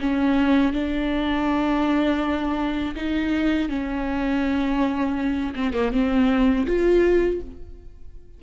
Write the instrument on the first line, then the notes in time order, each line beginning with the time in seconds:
viola
0.00 C#4
0.73 D4
2.96 D#4
3.69 C#4
5.55 C4
5.73 A#3
5.92 C4
6.66 F4